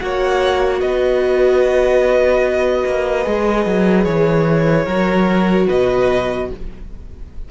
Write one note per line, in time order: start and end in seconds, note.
0.00 0.82 A#3
0.00 3.24 F#4
0.00 0.80 C#5
0.00 0.81 F#5
0.80 2.84 B3
0.80 4.85 B4
0.80 4.04 D#5
2.86 3.26 A#3
3.24 3.66 G#3
3.24 4.86 G#4
3.66 4.05 F#3
4.04 4.86 E3
4.04 5.67 C#5
4.85 5.68 F#3
4.85 6.51 F#4
4.85 5.66 A#4
5.67 6.51 B2
5.67 6.48 B4
5.67 6.50 D#5